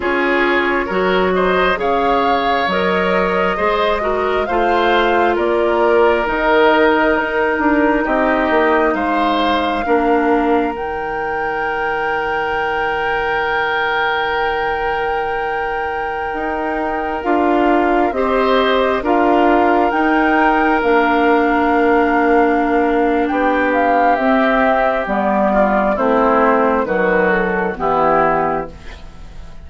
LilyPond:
<<
  \new Staff \with { instrumentName = "flute" } { \time 4/4 \tempo 4 = 67 cis''4. dis''8 f''4 dis''4~ | dis''4 f''4 d''4 dis''4 | ais'4 dis''4 f''2 | g''1~ |
g''2.~ g''16 f''8.~ | f''16 dis''4 f''4 g''4 f''8.~ | f''2 g''8 f''8 e''4 | d''4 c''4 b'8 a'8 g'4 | }
  \new Staff \with { instrumentName = "oboe" } { \time 4/4 gis'4 ais'8 c''8 cis''2 | c''8 ais'8 c''4 ais'2~ | ais'4 g'4 c''4 ais'4~ | ais'1~ |
ais'1~ | ais'16 c''4 ais'2~ ais'8.~ | ais'2 g'2~ | g'8 f'8 e'4 fis'4 e'4 | }
  \new Staff \with { instrumentName = "clarinet" } { \time 4/4 f'4 fis'4 gis'4 ais'4 | gis'8 fis'8 f'2 dis'4~ | dis'2. d'4 | dis'1~ |
dis'2.~ dis'16 f'8.~ | f'16 g'4 f'4 dis'4 d'8.~ | d'2. c'4 | b4 c'4 fis4 b4 | }
  \new Staff \with { instrumentName = "bassoon" } { \time 4/4 cis'4 fis4 cis4 fis4 | gis4 a4 ais4 dis4 | dis'8 d'8 c'8 ais8 gis4 ais4 | dis1~ |
dis2~ dis16 dis'4 d'8.~ | d'16 c'4 d'4 dis'4 ais8.~ | ais2 b4 c'4 | g4 a4 dis4 e4 | }
>>